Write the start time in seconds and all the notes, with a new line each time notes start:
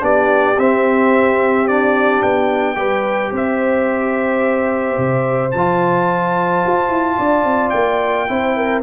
0.00 B3 D4 G4 D5
0.58 C4 E5
1.68 D4 D5
2.23 B3 G5
2.76 G3 G4 B4
3.32 C4 C5 E5
4.98 C3
5.51 F3 F4 A5
6.67 F4
6.90 E4
7.18 D4 D5
7.45 C4
7.70 A#3 G5
8.28 C4 E4 C5
8.57 A#4